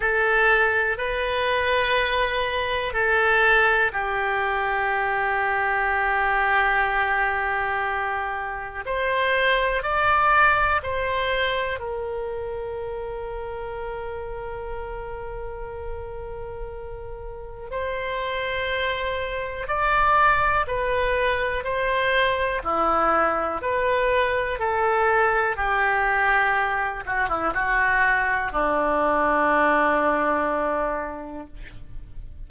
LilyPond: \new Staff \with { instrumentName = "oboe" } { \time 4/4 \tempo 4 = 61 a'4 b'2 a'4 | g'1~ | g'4 c''4 d''4 c''4 | ais'1~ |
ais'2 c''2 | d''4 b'4 c''4 e'4 | b'4 a'4 g'4. fis'16 e'16 | fis'4 d'2. | }